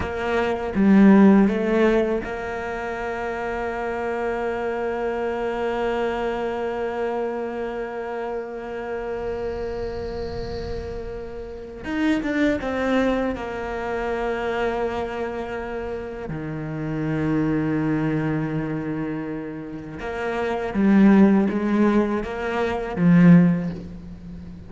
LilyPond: \new Staff \with { instrumentName = "cello" } { \time 4/4 \tempo 4 = 81 ais4 g4 a4 ais4~ | ais1~ | ais1~ | ais1 |
dis'8 d'8 c'4 ais2~ | ais2 dis2~ | dis2. ais4 | g4 gis4 ais4 f4 | }